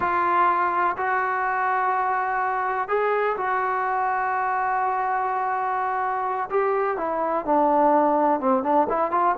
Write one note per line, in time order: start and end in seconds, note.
0.00 0.96 F4
0.97 2.88 F#4
2.88 3.36 G#4
3.37 6.49 F#4
6.49 6.97 G4
6.97 7.45 E4
7.45 8.40 D4
8.40 8.63 C4
8.63 8.87 D4
8.89 9.11 E4
9.11 9.35 F4